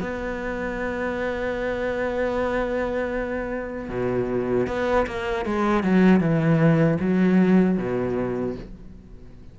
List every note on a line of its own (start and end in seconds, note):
0.00 3.89 B3
3.89 4.67 B2
4.67 5.06 B3
5.06 5.45 A#3
5.45 5.83 G#3
5.83 6.20 F#3
6.20 6.98 E3
7.00 7.77 F#3
7.77 8.55 B2